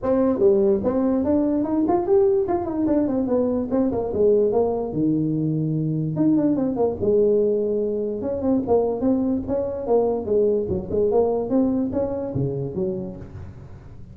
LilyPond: \new Staff \with { instrumentName = "tuba" } { \time 4/4 \tempo 4 = 146 c'4 g4 c'4 d'4 | dis'8 f'8 g'4 f'8 dis'8 d'8 c'8 | b4 c'8 ais8 gis4 ais4 | dis2. dis'8 d'8 |
c'8 ais8 gis2. | cis'8 c'8 ais4 c'4 cis'4 | ais4 gis4 fis8 gis8 ais4 | c'4 cis'4 cis4 fis4 | }